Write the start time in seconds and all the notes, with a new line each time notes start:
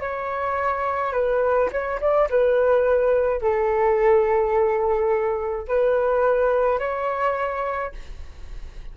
0.00 C#5
1.13 B4
1.71 C#5
2.00 D5
2.30 B4
3.41 A4
5.68 B4
6.79 C#5